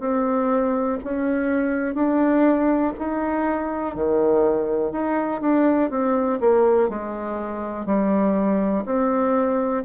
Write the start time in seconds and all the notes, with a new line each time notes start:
0.00 C4
1.04 C#4
1.95 D4
2.99 D#4
3.95 D#3
4.92 D#4
5.41 D4
5.90 C4
6.40 A#3
6.89 G#3
7.86 G3
8.86 C4